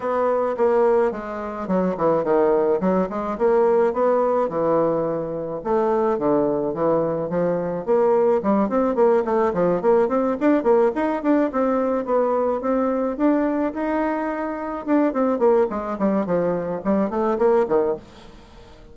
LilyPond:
\new Staff \with { instrumentName = "bassoon" } { \time 4/4 \tempo 4 = 107 b4 ais4 gis4 fis8 e8 | dis4 fis8 gis8 ais4 b4 | e2 a4 d4 | e4 f4 ais4 g8 c'8 |
ais8 a8 f8 ais8 c'8 d'8 ais8 dis'8 | d'8 c'4 b4 c'4 d'8~ | d'8 dis'2 d'8 c'8 ais8 | gis8 g8 f4 g8 a8 ais8 dis8 | }